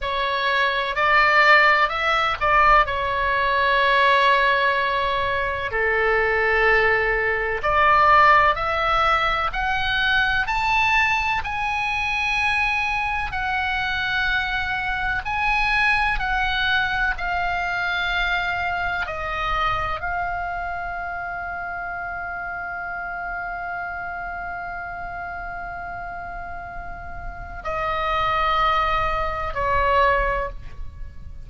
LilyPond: \new Staff \with { instrumentName = "oboe" } { \time 4/4 \tempo 4 = 63 cis''4 d''4 e''8 d''8 cis''4~ | cis''2 a'2 | d''4 e''4 fis''4 a''4 | gis''2 fis''2 |
gis''4 fis''4 f''2 | dis''4 f''2.~ | f''1~ | f''4 dis''2 cis''4 | }